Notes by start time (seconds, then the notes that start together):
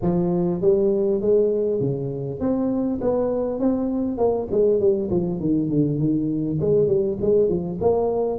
0.01 F3
0.61 G3
1.21 G#3
1.80 C#3
2.39 C4
3.01 B3
3.59 C4
4.17 A#3
4.51 G#3
4.79 G3
5.10 F3
5.39 D#3
5.69 D3
5.98 D#3
6.60 G#3
6.87 G3
7.21 G#3
7.48 F3
7.81 A#3